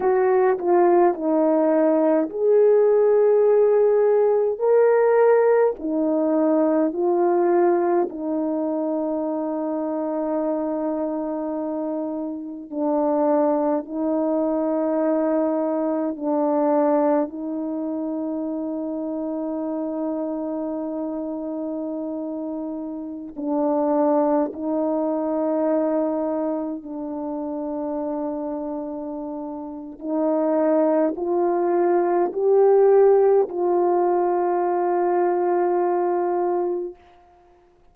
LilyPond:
\new Staff \with { instrumentName = "horn" } { \time 4/4 \tempo 4 = 52 fis'8 f'8 dis'4 gis'2 | ais'4 dis'4 f'4 dis'4~ | dis'2. d'4 | dis'2 d'4 dis'4~ |
dis'1~ | dis'16 d'4 dis'2 d'8.~ | d'2 dis'4 f'4 | g'4 f'2. | }